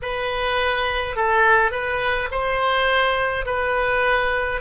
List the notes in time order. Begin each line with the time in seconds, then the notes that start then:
0.02 B4
1.15 A4
1.70 B4
2.31 C5
3.45 B4